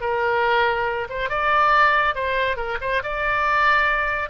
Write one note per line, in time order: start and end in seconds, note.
0.00 1.07 A#4
1.09 1.29 C5
1.29 2.15 D5
2.15 2.56 C5
2.56 2.77 A#4
2.81 3.02 C5
3.03 4.29 D5